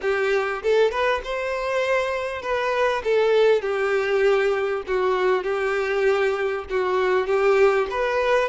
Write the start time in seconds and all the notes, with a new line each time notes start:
0.01 G4
0.62 A4
0.91 B4
1.24 C5
2.42 B4
3.04 A4
3.61 G4
4.87 F#4
5.43 G4
6.69 F#4
7.26 G4
7.90 B4